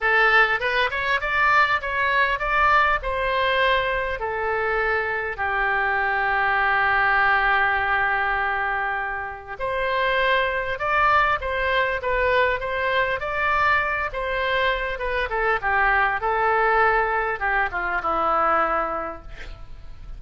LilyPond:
\new Staff \with { instrumentName = "oboe" } { \time 4/4 \tempo 4 = 100 a'4 b'8 cis''8 d''4 cis''4 | d''4 c''2 a'4~ | a'4 g'2.~ | g'1 |
c''2 d''4 c''4 | b'4 c''4 d''4. c''8~ | c''4 b'8 a'8 g'4 a'4~ | a'4 g'8 f'8 e'2 | }